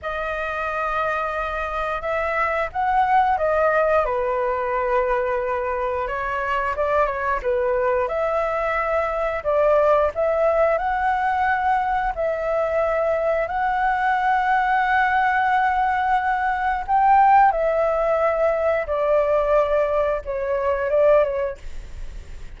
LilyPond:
\new Staff \with { instrumentName = "flute" } { \time 4/4 \tempo 4 = 89 dis''2. e''4 | fis''4 dis''4 b'2~ | b'4 cis''4 d''8 cis''8 b'4 | e''2 d''4 e''4 |
fis''2 e''2 | fis''1~ | fis''4 g''4 e''2 | d''2 cis''4 d''8 cis''8 | }